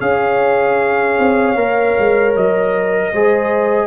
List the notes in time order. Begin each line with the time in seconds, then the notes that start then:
0.00 C#4 G#4 C#5 F5
1.18 C4
1.55 A#3 A#4
1.99 G#3
2.36 F#3 D#5
3.12 G#3 G#4 C5